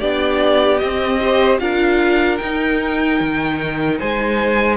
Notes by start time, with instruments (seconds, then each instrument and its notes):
0.00 cello B3, viola D4, violin G4 D5
0.78 viola C4, cello C4, violin D#5
1.21 viola G4, violin C5
1.60 cello D4, viola F4, violin A#4 F5
2.38 cello D#4, viola D#4, violin G5
3.21 cello D#3
3.99 cello G#3, violin C5 G#5